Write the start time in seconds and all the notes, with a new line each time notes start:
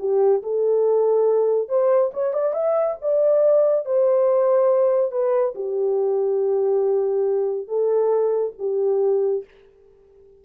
0.00 G4
0.43 A4
1.69 C5
2.14 C#5
2.34 D5
2.54 E5
3.02 D5
3.86 C5
5.12 B4
5.56 G4
7.68 A4
8.59 G4